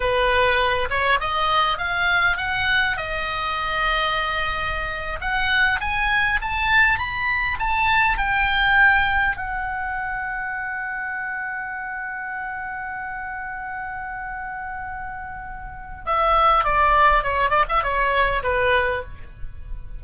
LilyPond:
\new Staff \with { instrumentName = "oboe" } { \time 4/4 \tempo 4 = 101 b'4. cis''8 dis''4 f''4 | fis''4 dis''2.~ | dis''8. fis''4 gis''4 a''4 b''16~ | b''8. a''4 g''2 fis''16~ |
fis''1~ | fis''1~ | fis''2. e''4 | d''4 cis''8 d''16 e''16 cis''4 b'4 | }